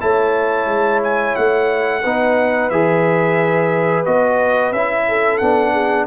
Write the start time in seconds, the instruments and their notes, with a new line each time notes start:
0.00 tuba A3, trombone E4, horn C#5, trumpet A5
0.66 tuba G#3
1.04 trumpet G#5
1.36 tuba A3, trumpet F#5
2.02 tuba B3, trombone D#4, horn B4
2.70 tuba E3, trombone G#4, trumpet E5
4.05 tuba B3, trombone F#4, trumpet D#5
4.72 tuba C#4, trombone E4, trumpet E5
5.08 horn A4
5.38 tuba B3, trombone D4, trumpet F#5
5.73 horn G#4